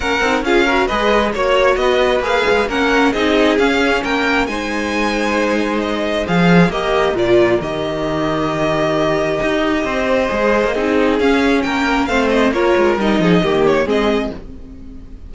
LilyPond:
<<
  \new Staff \with { instrumentName = "violin" } { \time 4/4 \tempo 4 = 134 fis''4 f''4 dis''4 cis''4 | dis''4 f''4 fis''4 dis''4 | f''4 g''4 gis''2~ | gis''4 dis''4 f''4 dis''4 |
d''4 dis''2.~ | dis''1~ | dis''4 f''4 g''4 f''8 dis''8 | cis''4 dis''4. cis''8 dis''4 | }
  \new Staff \with { instrumentName = "violin" } { \time 4/4 ais'4 gis'8 ais'8 b'4 cis''4 | b'2 ais'4 gis'4~ | gis'4 ais'4 c''2~ | c''2. ais'4~ |
ais'1~ | ais'2 c''2 | gis'2 ais'4 c''4 | ais'4. gis'8 g'4 gis'4 | }
  \new Staff \with { instrumentName = "viola" } { \time 4/4 cis'8 dis'8 f'8 fis'8 gis'4 fis'4~ | fis'4 gis'4 cis'4 dis'4 | cis'2 dis'2~ | dis'2 gis'4 g'4 |
f'4 g'2.~ | g'2. gis'4 | dis'4 cis'2 c'4 | f'4 dis'4 ais4 c'4 | }
  \new Staff \with { instrumentName = "cello" } { \time 4/4 ais8 c'8 cis'4 gis4 ais4 | b4 ais8 gis8 ais4 c'4 | cis'4 ais4 gis2~ | gis2 f4 ais4 |
ais,4 dis2.~ | dis4 dis'4 c'4 gis8. ais16 | c'4 cis'4 ais4 a4 | ais8 gis8 g8 f8 dis4 gis4 | }
>>